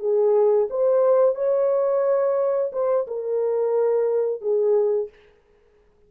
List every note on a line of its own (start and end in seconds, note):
0.00 0.68 G#4
0.70 1.35 C5
1.35 2.72 C#5
2.72 3.07 C5
3.08 4.41 A#4
4.41 5.10 G#4